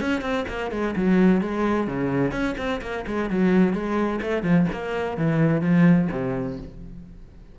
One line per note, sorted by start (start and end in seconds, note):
0.00 0.21 C#4
0.21 0.44 C4
0.48 0.71 A#3
0.71 0.94 G#3
0.96 1.41 F#3
1.41 1.87 G#3
1.87 2.31 C#3
2.31 2.54 C#4
2.57 2.81 C4
2.81 3.05 A#3
3.06 3.29 G#3
3.29 3.73 F#3
3.73 4.20 G#3
4.21 4.43 A3
4.43 4.66 F3
4.72 5.17 A#3
5.17 5.61 E3
5.61 6.08 F3
6.11 6.58 C3